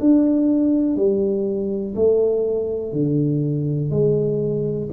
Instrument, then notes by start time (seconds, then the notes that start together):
tuba
0.00 D4
0.96 G3
1.95 A3
2.92 D3
3.90 G#3